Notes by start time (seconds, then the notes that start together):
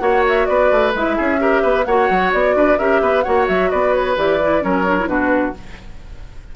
0.00 A#3 F#4 C#5 F#5
0.29 E5
0.46 B3 B4 D5
0.72 A3
0.95 G#3 E4 E5
1.17 C#4 G#4
1.39 G4 A#4
1.62 B3 B4
1.85 A#3 F#4 C#5 F#5
2.10 F#3
2.33 B3 D5
2.56 D4 B4
2.79 C#4 G4 A#4 E5
3.02 B3 B4
3.23 A#3 F#4 C#5 F#5
3.48 F#3 E5
3.71 B3 B4 D5
3.93 C#5
4.17 E3 G4 D5
4.42 E4
4.61 F#3 C#4 A#4 C#5
4.88 D4
5.00 E4
5.07 B2 D4 F#4 B4